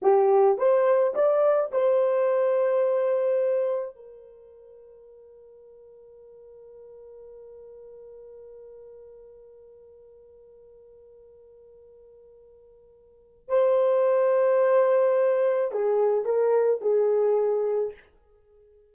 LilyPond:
\new Staff \with { instrumentName = "horn" } { \time 4/4 \tempo 4 = 107 g'4 c''4 d''4 c''4~ | c''2. ais'4~ | ais'1~ | ais'1~ |
ais'1~ | ais'1 | c''1 | gis'4 ais'4 gis'2 | }